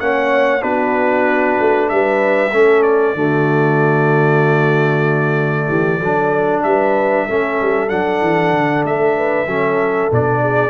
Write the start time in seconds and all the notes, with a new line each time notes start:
0.00 A#3 C#4 C#5 F#5
0.60 B3 D4 F#4 B4
1.60 A3
1.89 G3 B4 E5
2.52 A3 C#4 A4
2.82 D5
3.14 D3 A3 F#4
5.68 E3 G4
5.99 F#3 D4 A4
6.63 G3 B4 E5
7.26 A3 C#4 A4
7.61 G3
7.89 F#3 D4 F#5
8.21 E3
8.52 D3
8.84 A3 E5
9.16 B4
9.46 F#3 C#4 A4
10.11 B2 D4 D5
10.41 G#4